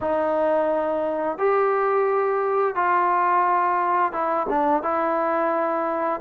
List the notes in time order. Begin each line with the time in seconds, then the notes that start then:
0.01 D#4
1.38 G4
2.75 F4
4.12 E4
4.49 D4
4.82 E4